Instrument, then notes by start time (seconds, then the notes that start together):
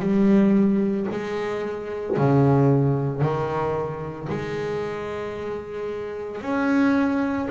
double bass
0.00 G3
1.12 G#3
2.17 C#3
3.22 D#3
4.29 G#3
6.42 C#4